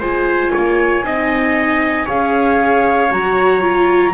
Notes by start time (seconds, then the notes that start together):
0.00 G#3 F4 C5 G#5
0.53 A#3 C#5
1.04 C4 D#4 D#5
2.06 C#4 G#4 C#5 F5
3.12 F#3 F#4 A#5
3.61 F4